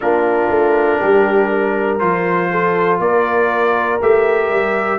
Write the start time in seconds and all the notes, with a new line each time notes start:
0.00 A#3 D4 F4 A#4
0.49 A3
0.99 G3 G4
1.48 A#4
1.99 F3 F4 C5
2.50 A4
2.99 A#3 A#4 D5
4.01 A3 G4 E5
4.50 G3